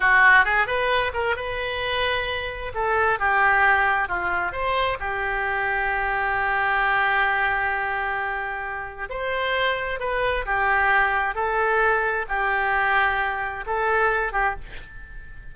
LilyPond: \new Staff \with { instrumentName = "oboe" } { \time 4/4 \tempo 4 = 132 fis'4 gis'8 b'4 ais'8 b'4~ | b'2 a'4 g'4~ | g'4 f'4 c''4 g'4~ | g'1~ |
g'1 | c''2 b'4 g'4~ | g'4 a'2 g'4~ | g'2 a'4. g'8 | }